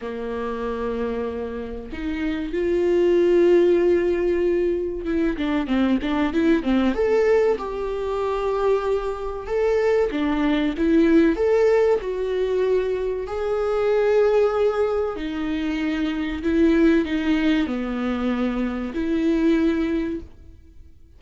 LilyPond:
\new Staff \with { instrumentName = "viola" } { \time 4/4 \tempo 4 = 95 ais2. dis'4 | f'1 | e'8 d'8 c'8 d'8 e'8 c'8 a'4 | g'2. a'4 |
d'4 e'4 a'4 fis'4~ | fis'4 gis'2. | dis'2 e'4 dis'4 | b2 e'2 | }